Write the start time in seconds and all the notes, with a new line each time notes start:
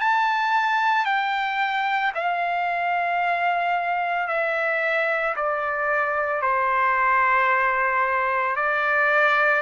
0.00 A5
1.05 G5
2.15 F5
4.28 E5
5.36 D5
6.42 C5
8.56 D5